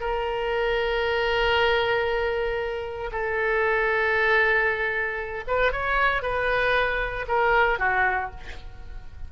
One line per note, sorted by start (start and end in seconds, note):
0.00 3.10 A#4
3.11 5.44 A4
5.47 5.72 B4
5.72 6.22 C#5
6.22 7.25 B4
7.27 7.78 A#4
7.78 8.30 F#4